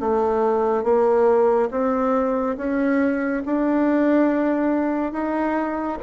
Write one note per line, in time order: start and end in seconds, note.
0.00 0.83 A3
0.83 1.69 A#3
1.71 2.56 C4
2.57 3.43 C#4
3.45 5.12 D4
5.12 5.98 D#4